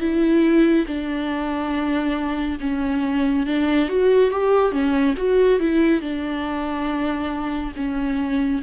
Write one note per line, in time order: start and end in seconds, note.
0.00 0.86 E4
0.86 2.58 D4
2.60 3.46 C#4
3.46 3.88 D4
3.88 4.31 F#4
4.31 4.72 G4
4.72 5.15 C#4
5.17 5.59 F#4
5.59 6.01 E4
6.01 7.73 D4
7.76 8.62 C#4